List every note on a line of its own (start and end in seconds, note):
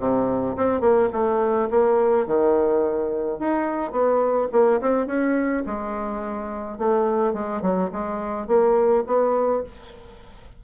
0.00 0.57 C3
0.57 0.81 C4
0.81 1.09 A#3
1.13 1.70 A3
1.71 2.27 A#3
2.27 3.39 D#3
3.39 3.92 D#4
3.92 4.49 B3
4.53 4.81 A#3
4.82 5.07 C4
5.07 5.64 C#4
5.67 6.79 G#3
6.79 7.34 A3
7.34 7.62 G#3
7.62 7.91 F#3
7.93 8.48 G#3
8.48 9.05 A#3
9.07 9.64 B3